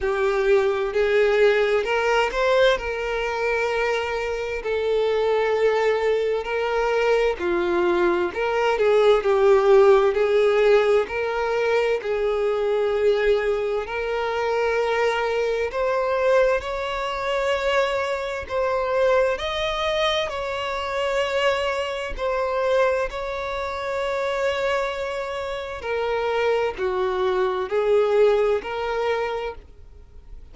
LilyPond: \new Staff \with { instrumentName = "violin" } { \time 4/4 \tempo 4 = 65 g'4 gis'4 ais'8 c''8 ais'4~ | ais'4 a'2 ais'4 | f'4 ais'8 gis'8 g'4 gis'4 | ais'4 gis'2 ais'4~ |
ais'4 c''4 cis''2 | c''4 dis''4 cis''2 | c''4 cis''2. | ais'4 fis'4 gis'4 ais'4 | }